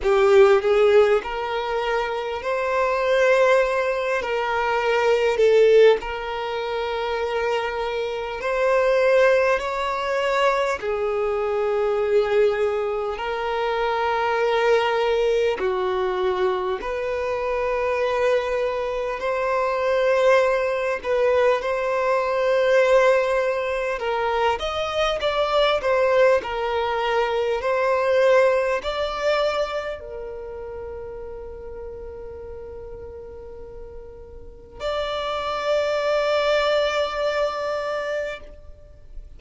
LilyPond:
\new Staff \with { instrumentName = "violin" } { \time 4/4 \tempo 4 = 50 g'8 gis'8 ais'4 c''4. ais'8~ | ais'8 a'8 ais'2 c''4 | cis''4 gis'2 ais'4~ | ais'4 fis'4 b'2 |
c''4. b'8 c''2 | ais'8 dis''8 d''8 c''8 ais'4 c''4 | d''4 ais'2.~ | ais'4 d''2. | }